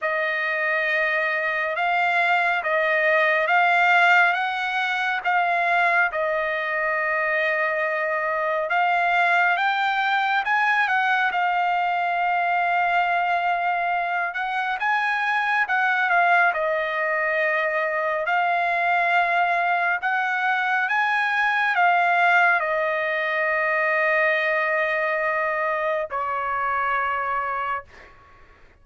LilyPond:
\new Staff \with { instrumentName = "trumpet" } { \time 4/4 \tempo 4 = 69 dis''2 f''4 dis''4 | f''4 fis''4 f''4 dis''4~ | dis''2 f''4 g''4 | gis''8 fis''8 f''2.~ |
f''8 fis''8 gis''4 fis''8 f''8 dis''4~ | dis''4 f''2 fis''4 | gis''4 f''4 dis''2~ | dis''2 cis''2 | }